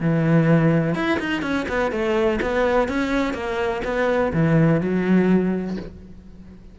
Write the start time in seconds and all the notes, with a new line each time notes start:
0.00 E3
0.94 E4
1.19 D#4
1.42 C#4
1.68 B3
1.91 A3
2.41 B3
2.88 C#4
3.33 A#3
3.84 B3
4.33 E3
4.80 F#3